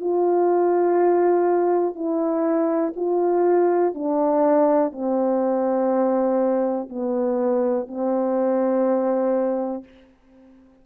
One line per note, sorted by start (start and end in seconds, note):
0.00 1.94 F4
1.94 2.93 E4
2.96 3.94 F4
3.94 4.92 D4
4.92 6.89 C4
6.89 7.87 B3
7.87 9.84 C4